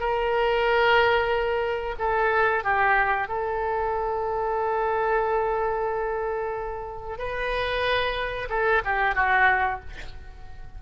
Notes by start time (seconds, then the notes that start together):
0.00 A#4
1.99 A4
2.64 G4
3.28 A4
7.19 B4
8.50 A4
8.85 G4
9.15 F#4